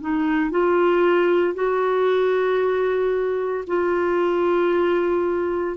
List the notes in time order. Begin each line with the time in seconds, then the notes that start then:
0.00 D#4
0.50 F4
1.54 F#4
3.67 F4